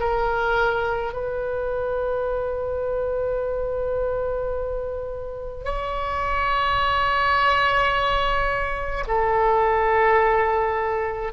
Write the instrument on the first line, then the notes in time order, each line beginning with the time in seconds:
oboe
0.00 A#4
1.13 B4
5.64 C#5
9.07 A4